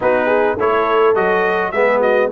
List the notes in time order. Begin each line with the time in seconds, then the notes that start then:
0.00 B3 D#4 F#4 B4
0.25 G#4
0.56 A3 E4 A4 C#5
1.15 F#3 F#4 D#5
1.71 G#3 B3 G#4 E5
2.00 F#4 D#5